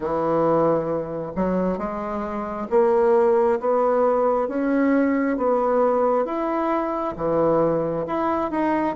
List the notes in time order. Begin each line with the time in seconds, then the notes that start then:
0.00 E3
1.35 F#3
1.77 G#3
2.69 A#3
3.59 B3
4.48 C#4
5.37 B3
6.24 E4
7.16 E3
8.06 E4
8.50 D#4